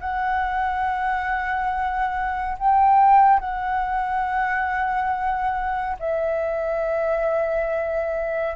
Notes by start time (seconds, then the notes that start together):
0.00 F#5
2.58 G5
3.40 F#5
5.99 E5